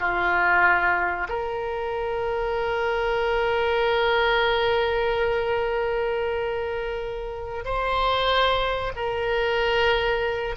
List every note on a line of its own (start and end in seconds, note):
0.00 1.28 F4
1.29 7.65 A#4
7.65 8.92 C5
8.96 10.56 A#4